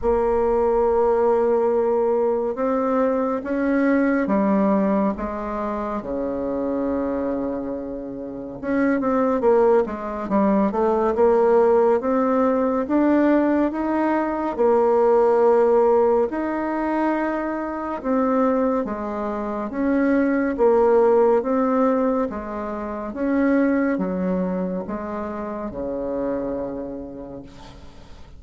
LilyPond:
\new Staff \with { instrumentName = "bassoon" } { \time 4/4 \tempo 4 = 70 ais2. c'4 | cis'4 g4 gis4 cis4~ | cis2 cis'8 c'8 ais8 gis8 | g8 a8 ais4 c'4 d'4 |
dis'4 ais2 dis'4~ | dis'4 c'4 gis4 cis'4 | ais4 c'4 gis4 cis'4 | fis4 gis4 cis2 | }